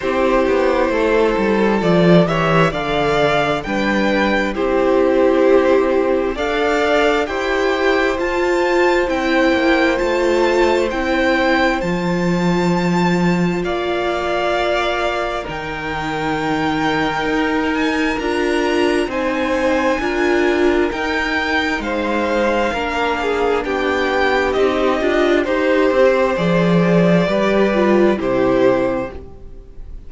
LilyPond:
<<
  \new Staff \with { instrumentName = "violin" } { \time 4/4 \tempo 4 = 66 c''2 d''8 e''8 f''4 | g''4 c''2 f''4 | g''4 a''4 g''4 a''4 | g''4 a''2 f''4~ |
f''4 g''2~ g''8 gis''8 | ais''4 gis''2 g''4 | f''2 g''4 dis''4 | c''4 d''2 c''4 | }
  \new Staff \with { instrumentName = "violin" } { \time 4/4 g'4 a'4. cis''8 d''4 | b'4 g'2 d''4 | c''1~ | c''2. d''4~ |
d''4 ais'2.~ | ais'4 c''4 ais'2 | c''4 ais'8 gis'8 g'2 | c''2 b'4 g'4 | }
  \new Staff \with { instrumentName = "viola" } { \time 4/4 e'2 f'8 g'8 a'4 | d'4 e'2 a'4 | g'4 f'4 e'4 f'4 | e'4 f'2.~ |
f'4 dis'2. | f'4 dis'4 f'4 dis'4~ | dis'4 d'2 dis'8 f'8 | g'4 gis'4 g'8 f'8 e'4 | }
  \new Staff \with { instrumentName = "cello" } { \time 4/4 c'8 b8 a8 g8 f8 e8 d4 | g4 c'2 d'4 | e'4 f'4 c'8 ais8 a4 | c'4 f2 ais4~ |
ais4 dis2 dis'4 | d'4 c'4 d'4 dis'4 | gis4 ais4 b4 c'8 d'8 | dis'8 c'8 f4 g4 c4 | }
>>